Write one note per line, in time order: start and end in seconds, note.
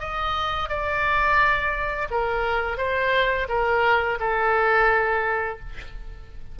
0.00 0.69 D#5
0.69 2.09 D5
2.11 2.77 A#4
2.77 3.47 C5
3.49 4.19 A#4
4.20 5.59 A4